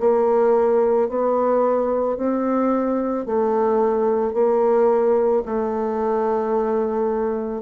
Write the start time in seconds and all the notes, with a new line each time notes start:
0.00 A#3
1.09 B3
2.17 C4
3.26 A3
4.34 A#3
5.46 A3